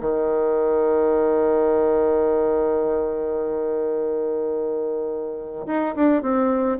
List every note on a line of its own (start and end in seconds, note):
0.00 5.66 D#3
5.67 5.95 D#4
5.95 6.22 D4
6.22 6.78 C4